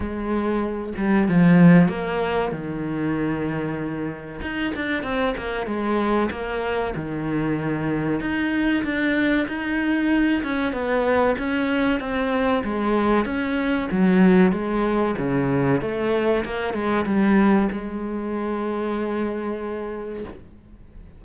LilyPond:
\new Staff \with { instrumentName = "cello" } { \time 4/4 \tempo 4 = 95 gis4. g8 f4 ais4 | dis2. dis'8 d'8 | c'8 ais8 gis4 ais4 dis4~ | dis4 dis'4 d'4 dis'4~ |
dis'8 cis'8 b4 cis'4 c'4 | gis4 cis'4 fis4 gis4 | cis4 a4 ais8 gis8 g4 | gis1 | }